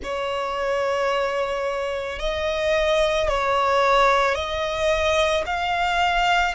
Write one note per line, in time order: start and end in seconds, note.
0.03 2.19 C#5
2.19 3.28 D#5
3.28 4.34 C#5
4.34 5.43 D#5
5.45 6.54 F5